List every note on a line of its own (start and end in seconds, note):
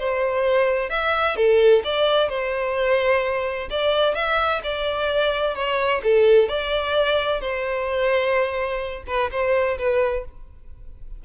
0.00 0.90 C5
0.90 1.36 E5
1.36 1.83 A4
1.85 2.30 D5
2.30 3.69 C5
3.71 4.15 D5
4.15 4.62 E5
4.64 5.55 D5
5.55 6.02 C#5
6.04 6.49 A4
6.49 7.41 D5
7.41 9.04 C5
9.07 9.30 B4
9.32 9.78 C5
9.79 10.25 B4